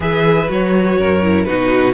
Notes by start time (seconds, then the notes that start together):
0.00 E3 G#4 B4 E5
0.48 F#3 F#4 C#5
0.98 F#2 A#4
1.22 E4
1.44 B2 D#4 F#4 B4